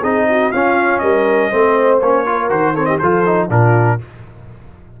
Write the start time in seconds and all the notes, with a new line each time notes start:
0.00 C4 D#4 G#4 D#5
0.28 F#4
0.51 C#4 F4 F5
0.98 G3 A#4 D#5
1.50 A3 C4 C5
2.00 A#3 C#4 C#5
2.26 F4 A#4
2.49 D#3 F#4 C5
2.74 C4 A4 C#5
2.85 G4 D#5
2.98 F3 F4 A4 C5
3.25 D#4
3.47 A#2 D4 F4 A#4